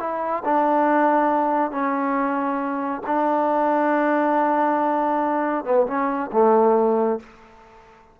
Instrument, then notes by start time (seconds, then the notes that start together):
trombone
0.00 E4
0.45 D4
1.71 C#4
3.07 D4
5.65 B3
5.87 C#4
6.33 A3